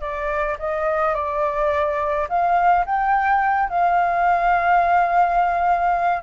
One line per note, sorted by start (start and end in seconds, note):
0.00 0.57 D5
0.58 1.14 D#5
1.14 2.27 D5
2.28 2.85 F5
2.85 3.69 G5
3.69 6.23 F5